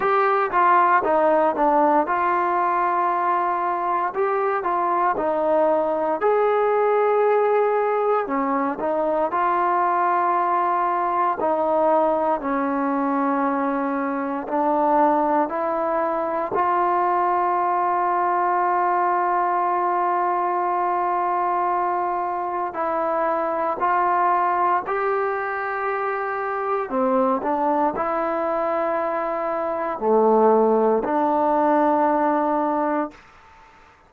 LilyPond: \new Staff \with { instrumentName = "trombone" } { \time 4/4 \tempo 4 = 58 g'8 f'8 dis'8 d'8 f'2 | g'8 f'8 dis'4 gis'2 | cis'8 dis'8 f'2 dis'4 | cis'2 d'4 e'4 |
f'1~ | f'2 e'4 f'4 | g'2 c'8 d'8 e'4~ | e'4 a4 d'2 | }